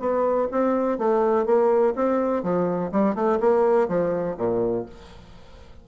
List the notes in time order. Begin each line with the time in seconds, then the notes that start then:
0.00 B3
0.51 C4
0.99 A3
1.46 A#3
1.96 C4
2.43 F3
2.92 G3
3.15 A3
3.40 A#3
3.88 F3
4.37 A#2